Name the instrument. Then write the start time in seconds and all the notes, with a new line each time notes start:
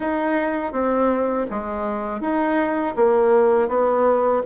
bassoon
0.00 D#4
0.72 C4
1.50 G#3
2.20 D#4
2.96 A#3
3.68 B3